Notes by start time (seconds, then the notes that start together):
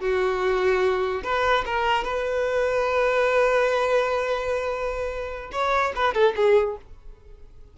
0.00 F#4
1.24 B4
1.66 A#4
2.04 B4
5.52 C#5
5.96 B4
6.14 A4
6.36 G#4